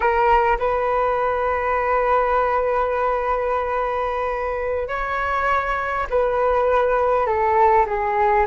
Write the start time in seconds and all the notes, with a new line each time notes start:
0.00 A#4
0.59 B4
4.87 C#5
6.10 B4
7.26 A4
7.86 G#4